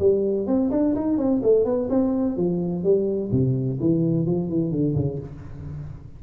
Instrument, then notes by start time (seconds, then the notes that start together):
tuba
0.00 G3
0.47 C4
0.71 D4
0.95 D#4
1.18 C4
1.43 A3
1.65 B3
1.90 C4
2.37 F3
2.84 G3
3.32 C3
3.80 E3
4.26 F3
4.50 E3
4.71 D3
4.95 C#3